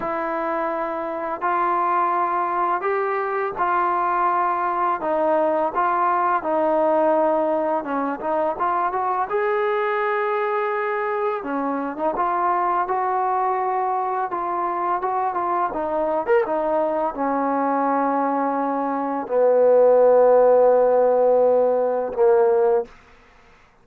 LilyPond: \new Staff \with { instrumentName = "trombone" } { \time 4/4 \tempo 4 = 84 e'2 f'2 | g'4 f'2 dis'4 | f'4 dis'2 cis'8 dis'8 | f'8 fis'8 gis'2. |
cis'8. dis'16 f'4 fis'2 | f'4 fis'8 f'8 dis'8. ais'16 dis'4 | cis'2. b4~ | b2. ais4 | }